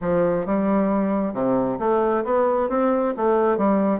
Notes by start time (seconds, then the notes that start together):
0.01 F3
0.45 G3
1.33 C3
1.79 A3
2.24 B3
2.69 C4
3.16 A3
3.57 G3